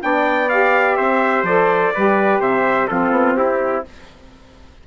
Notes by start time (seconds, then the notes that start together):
0.00 B3 D4 D5 G5
0.49 G4 F5
0.95 C4 C5 E5
1.43 F3 A4 D5
1.94 G3 G4 B4
2.40 C3 C5 E5
2.87 F3 C4 F4 A4
3.10 B3
3.36 C4 E4 G4